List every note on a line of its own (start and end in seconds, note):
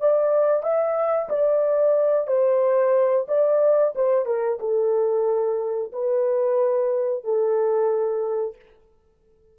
0.00 0.63 D5
0.63 1.29 E5
1.29 2.27 D5
2.27 3.26 C5
3.28 3.94 D5
3.95 4.26 C5
4.26 4.59 A#4
4.60 5.92 A4
5.93 7.24 B4
7.24 8.56 A4